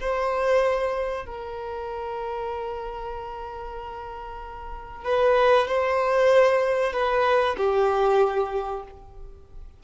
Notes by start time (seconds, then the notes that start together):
0.00 C5
1.25 A#4
5.04 B4
5.67 C5
6.92 B4
7.57 G4